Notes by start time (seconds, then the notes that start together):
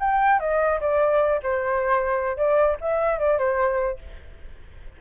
0.00 G5
0.40 D#5
0.81 D5
1.43 C5
2.37 D5
2.81 E5
3.19 D5
3.39 C5